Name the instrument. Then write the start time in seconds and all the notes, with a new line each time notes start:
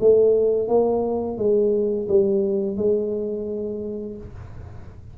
tuba
0.00 A3
0.68 A#3
1.38 G#3
2.08 G3
2.77 G#3